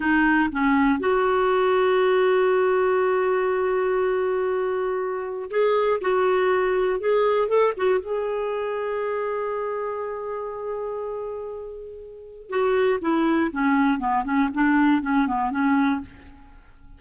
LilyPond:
\new Staff \with { instrumentName = "clarinet" } { \time 4/4 \tempo 4 = 120 dis'4 cis'4 fis'2~ | fis'1~ | fis'2. gis'4 | fis'2 gis'4 a'8 fis'8 |
gis'1~ | gis'1~ | gis'4 fis'4 e'4 cis'4 | b8 cis'8 d'4 cis'8 b8 cis'4 | }